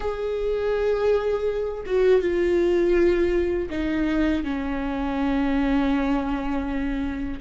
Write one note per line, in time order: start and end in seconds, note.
0.00 1.84 G#4
1.86 2.21 F#4
2.21 3.69 F4
3.70 4.43 D#4
4.43 7.39 C#4